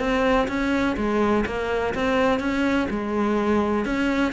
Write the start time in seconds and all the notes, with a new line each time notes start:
0.00 C4
0.48 C#4
0.97 G#3
1.46 A#3
1.95 C4
2.40 C#4
2.90 G#3
3.86 C#4